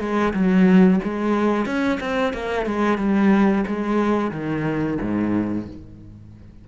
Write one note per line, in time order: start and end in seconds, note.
0.00 0.33 G#3
0.34 1.00 F#3
1.04 1.66 G#3
1.66 1.99 C#4
2.01 2.34 C4
2.34 2.66 A#3
2.66 2.98 G#3
2.98 3.65 G3
3.67 4.32 G#3
4.32 4.98 D#3
5.02 5.68 G#2